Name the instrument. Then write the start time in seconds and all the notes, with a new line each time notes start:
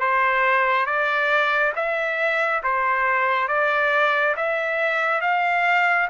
trumpet
0.00 C5
0.86 D5
1.75 E5
2.63 C5
3.48 D5
4.36 E5
5.21 F5